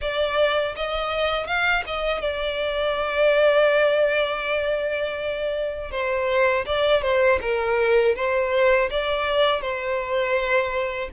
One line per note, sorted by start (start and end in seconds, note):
0.01 0.75 D5
0.76 1.46 D#5
1.46 1.83 F5
1.86 2.21 D#5
2.21 5.91 D5
5.91 6.65 C5
6.65 7.02 D5
7.02 7.39 C5
7.41 8.15 A#4
8.15 8.89 C5
8.90 9.61 D5
9.61 11.09 C5